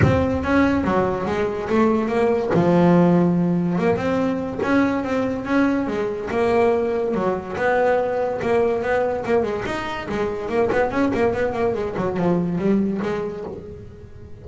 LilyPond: \new Staff \with { instrumentName = "double bass" } { \time 4/4 \tempo 4 = 143 c'4 cis'4 fis4 gis4 | a4 ais4 f2~ | f4 ais8 c'4. cis'4 | c'4 cis'4 gis4 ais4~ |
ais4 fis4 b2 | ais4 b4 ais8 gis8 dis'4 | gis4 ais8 b8 cis'8 ais8 b8 ais8 | gis8 fis8 f4 g4 gis4 | }